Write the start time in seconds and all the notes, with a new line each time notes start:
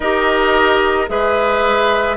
0.00 D#4 G4 A#4 D#5
1.07 G#3 G#4 B4 E5